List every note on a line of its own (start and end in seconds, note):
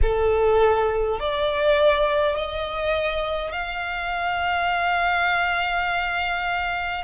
0.02 1.19 A4
1.19 2.35 D5
2.35 3.51 D#5
3.51 7.04 F5